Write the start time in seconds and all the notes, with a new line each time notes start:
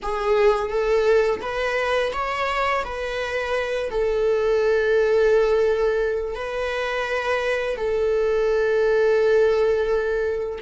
0.02 G#4
0.70 A4
1.41 B4
2.12 C#5
2.84 B4
3.90 A4
6.35 B4
7.76 A4